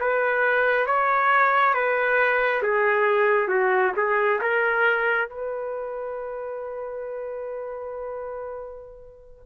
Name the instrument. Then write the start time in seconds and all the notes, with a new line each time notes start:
trumpet
0.00 B4
0.86 C#5
1.74 B4
2.62 G#4
3.48 F#4
3.97 G#4
4.41 A#4
5.29 B4